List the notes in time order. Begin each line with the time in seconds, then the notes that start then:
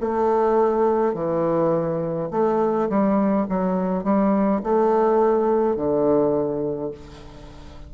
0.00 A3
1.13 E3
2.31 A3
2.88 G3
3.48 F#3
4.03 G3
4.63 A3
5.75 D3